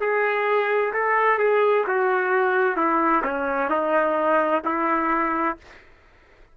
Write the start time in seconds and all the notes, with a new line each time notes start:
0.00 G#4
0.93 A4
1.38 G#4
1.87 F#4
2.76 E4
3.23 C#4
3.69 D#4
4.64 E4